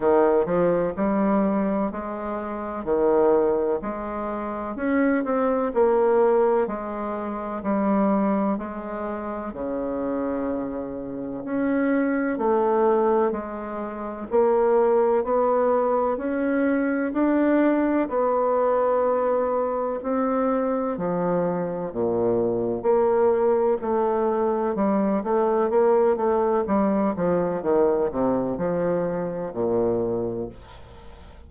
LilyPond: \new Staff \with { instrumentName = "bassoon" } { \time 4/4 \tempo 4 = 63 dis8 f8 g4 gis4 dis4 | gis4 cis'8 c'8 ais4 gis4 | g4 gis4 cis2 | cis'4 a4 gis4 ais4 |
b4 cis'4 d'4 b4~ | b4 c'4 f4 ais,4 | ais4 a4 g8 a8 ais8 a8 | g8 f8 dis8 c8 f4 ais,4 | }